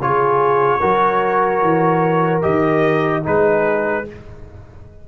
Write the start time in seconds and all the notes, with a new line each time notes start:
0.00 C#3 F4 G#4 C#5
0.80 F#3 F#4 A#4
1.62 E3
2.42 D#3 G4 D#5
3.23 G#3 D#4 G#4 B4